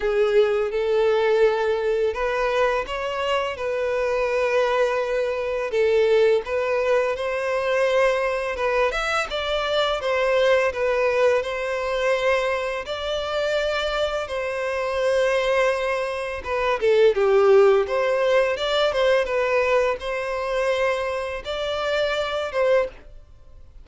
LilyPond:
\new Staff \with { instrumentName = "violin" } { \time 4/4 \tempo 4 = 84 gis'4 a'2 b'4 | cis''4 b'2. | a'4 b'4 c''2 | b'8 e''8 d''4 c''4 b'4 |
c''2 d''2 | c''2. b'8 a'8 | g'4 c''4 d''8 c''8 b'4 | c''2 d''4. c''8 | }